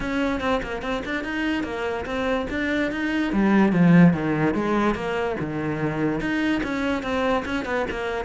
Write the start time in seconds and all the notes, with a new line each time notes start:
0.00 C#4
0.40 C4
0.62 A#3
0.82 C4
1.05 D4
1.23 D#4
1.63 A#3
2.05 C4
2.50 D4
2.91 D#4
3.32 G3
3.72 F3
4.13 D#3
4.54 G#3
4.94 A#3
5.40 D#3
6.20 D#4
6.63 C#4
7.02 C4
7.45 C#4
7.65 B3
7.90 A#3